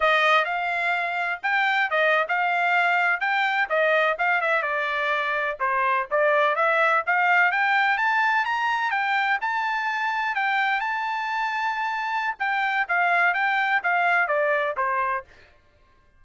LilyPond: \new Staff \with { instrumentName = "trumpet" } { \time 4/4 \tempo 4 = 126 dis''4 f''2 g''4 | dis''8. f''2 g''4 dis''16~ | dis''8. f''8 e''8 d''2 c''16~ | c''8. d''4 e''4 f''4 g''16~ |
g''8. a''4 ais''4 g''4 a''16~ | a''4.~ a''16 g''4 a''4~ a''16~ | a''2 g''4 f''4 | g''4 f''4 d''4 c''4 | }